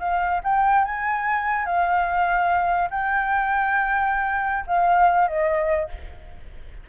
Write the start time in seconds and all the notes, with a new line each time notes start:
0.00 F5
0.44 G5
0.85 G#5
1.66 F5
2.90 G5
4.67 F5
5.28 D#5